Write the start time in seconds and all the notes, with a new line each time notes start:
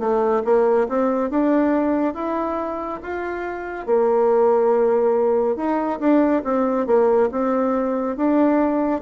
0.00 A3
0.45 A#3
0.89 C4
1.31 D4
2.14 E4
3.03 F4
3.86 A#3
5.57 D#4
6.00 D4
6.44 C4
6.87 A#3
7.32 C4
8.17 D4